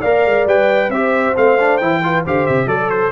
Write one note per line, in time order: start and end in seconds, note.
0.00 0.25 A#3
0.00 0.47 A#4
0.00 0.89 D5
0.00 0.46 F5
0.25 0.46 G#3
0.46 0.89 G3
0.46 0.92 B4
0.46 0.90 G5
0.89 1.33 C4
0.89 1.36 G4
0.89 2.02 C5
0.89 1.35 E5
1.36 1.81 A3
1.36 1.58 C4
1.36 1.77 F5
1.59 1.81 D4
1.77 2.25 E3
1.77 2.03 E4
1.77 2.22 G5
2.03 2.25 F4
2.03 2.24 B4
2.24 2.48 D3
2.24 2.67 G4
2.24 2.68 C5
2.24 2.46 F5
2.46 2.66 C3
2.46 2.68 E5
2.66 3.10 F#3
2.66 3.11 A4
2.66 3.12 A4
2.66 2.90 D5
2.90 3.12 C5